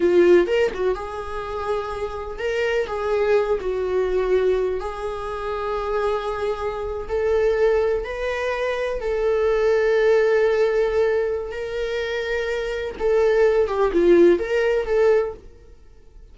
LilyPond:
\new Staff \with { instrumentName = "viola" } { \time 4/4 \tempo 4 = 125 f'4 ais'8 fis'8 gis'2~ | gis'4 ais'4 gis'4. fis'8~ | fis'2 gis'2~ | gis'2~ gis'8. a'4~ a'16~ |
a'8. b'2 a'4~ a'16~ | a'1 | ais'2. a'4~ | a'8 g'8 f'4 ais'4 a'4 | }